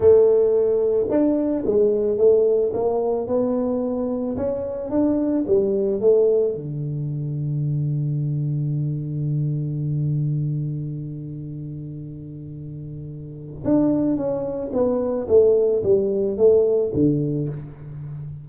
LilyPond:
\new Staff \with { instrumentName = "tuba" } { \time 4/4 \tempo 4 = 110 a2 d'4 gis4 | a4 ais4 b2 | cis'4 d'4 g4 a4 | d1~ |
d1~ | d1~ | d4 d'4 cis'4 b4 | a4 g4 a4 d4 | }